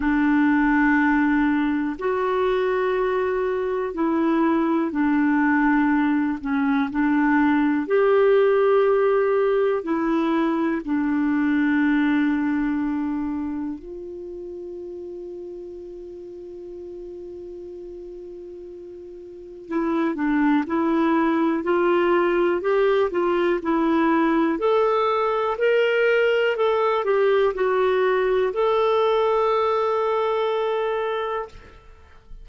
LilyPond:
\new Staff \with { instrumentName = "clarinet" } { \time 4/4 \tempo 4 = 61 d'2 fis'2 | e'4 d'4. cis'8 d'4 | g'2 e'4 d'4~ | d'2 f'2~ |
f'1 | e'8 d'8 e'4 f'4 g'8 f'8 | e'4 a'4 ais'4 a'8 g'8 | fis'4 a'2. | }